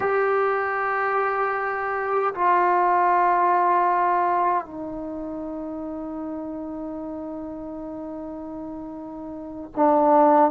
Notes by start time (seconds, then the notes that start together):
0.00 G4
2.34 F4
4.65 D#4
9.76 D4